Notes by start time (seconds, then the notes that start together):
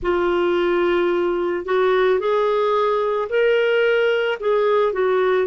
0.02 F4
1.65 F#4
2.19 G#4
3.29 A#4
4.39 G#4
4.92 F#4